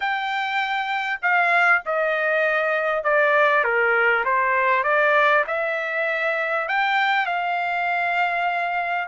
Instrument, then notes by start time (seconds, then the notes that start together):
trumpet
0.00 G5
1.21 F5
1.85 D#5
3.03 D5
3.64 A#4
4.24 C5
4.83 D5
5.47 E5
6.68 G5
7.26 F5